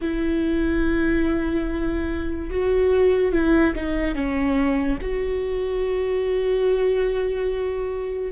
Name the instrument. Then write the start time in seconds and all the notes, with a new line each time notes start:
viola
0.01 E4
2.50 F#4
3.32 E4
3.75 D#4
4.14 C#4
5.02 F#4